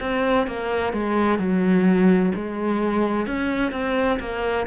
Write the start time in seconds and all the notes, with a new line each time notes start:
0.00 C4
0.47 A#3
0.92 G#3
1.38 F#3
2.35 G#3
3.26 C#4
3.72 C4
4.20 A#3